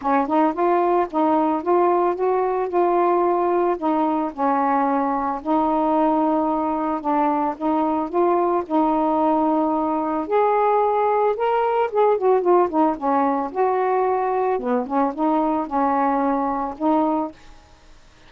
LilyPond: \new Staff \with { instrumentName = "saxophone" } { \time 4/4 \tempo 4 = 111 cis'8 dis'8 f'4 dis'4 f'4 | fis'4 f'2 dis'4 | cis'2 dis'2~ | dis'4 d'4 dis'4 f'4 |
dis'2. gis'4~ | gis'4 ais'4 gis'8 fis'8 f'8 dis'8 | cis'4 fis'2 b8 cis'8 | dis'4 cis'2 dis'4 | }